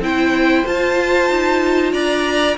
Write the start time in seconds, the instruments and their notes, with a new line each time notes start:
0.00 cello C4, viola E4, violin C5 G5
0.66 viola F4, cello F4, violin A5
1.30 cello D#4
1.93 cello D4, violin D5 A#5